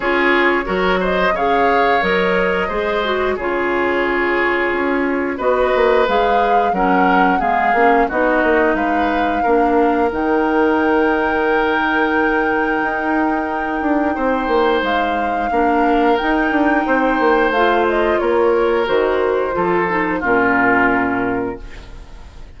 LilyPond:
<<
  \new Staff \with { instrumentName = "flute" } { \time 4/4 \tempo 4 = 89 cis''4. dis''8 f''4 dis''4~ | dis''4 cis''2. | dis''4 f''4 fis''4 f''4 | dis''4 f''2 g''4~ |
g''1~ | g''2 f''2 | g''2 f''8 dis''8 cis''4 | c''2 ais'2 | }
  \new Staff \with { instrumentName = "oboe" } { \time 4/4 gis'4 ais'8 c''8 cis''2 | c''4 gis'2. | b'2 ais'4 gis'4 | fis'4 b'4 ais'2~ |
ais'1~ | ais'4 c''2 ais'4~ | ais'4 c''2 ais'4~ | ais'4 a'4 f'2 | }
  \new Staff \with { instrumentName = "clarinet" } { \time 4/4 f'4 fis'4 gis'4 ais'4 | gis'8 fis'8 f'2. | fis'4 gis'4 cis'4 b8 cis'8 | dis'2 d'4 dis'4~ |
dis'1~ | dis'2. d'4 | dis'2 f'2 | fis'4 f'8 dis'8 cis'2 | }
  \new Staff \with { instrumentName = "bassoon" } { \time 4/4 cis'4 fis4 cis4 fis4 | gis4 cis2 cis'4 | b8 ais8 gis4 fis4 gis8 ais8 | b8 ais8 gis4 ais4 dis4~ |
dis2. dis'4~ | dis'8 d'8 c'8 ais8 gis4 ais4 | dis'8 d'8 c'8 ais8 a4 ais4 | dis4 f4 ais,2 | }
>>